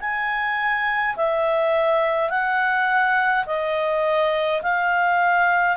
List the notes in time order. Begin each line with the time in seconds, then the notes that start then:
0.00 G#5
1.16 E5
2.30 F#5
3.46 D#5
4.62 F5